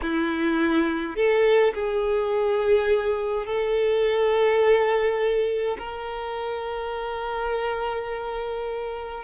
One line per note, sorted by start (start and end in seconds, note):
0.02 1.15 E4
1.15 1.73 A4
1.73 3.46 G#4
3.46 5.77 A4
5.78 9.23 A#4